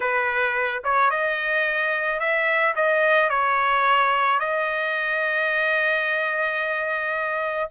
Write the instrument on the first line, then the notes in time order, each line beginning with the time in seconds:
trumpet
0.00 B4
0.84 C#5
1.10 D#5
2.19 E5
2.75 D#5
3.29 C#5
4.39 D#5